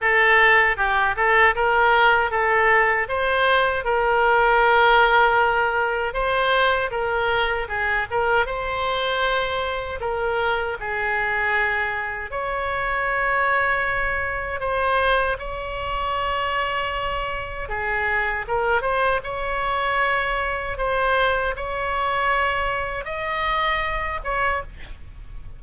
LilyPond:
\new Staff \with { instrumentName = "oboe" } { \time 4/4 \tempo 4 = 78 a'4 g'8 a'8 ais'4 a'4 | c''4 ais'2. | c''4 ais'4 gis'8 ais'8 c''4~ | c''4 ais'4 gis'2 |
cis''2. c''4 | cis''2. gis'4 | ais'8 c''8 cis''2 c''4 | cis''2 dis''4. cis''8 | }